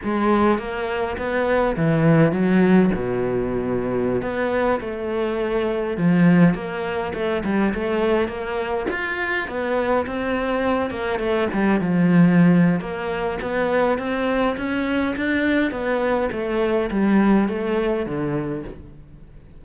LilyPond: \new Staff \with { instrumentName = "cello" } { \time 4/4 \tempo 4 = 103 gis4 ais4 b4 e4 | fis4 b,2~ b,16 b8.~ | b16 a2 f4 ais8.~ | ais16 a8 g8 a4 ais4 f'8.~ |
f'16 b4 c'4. ais8 a8 g16~ | g16 f4.~ f16 ais4 b4 | c'4 cis'4 d'4 b4 | a4 g4 a4 d4 | }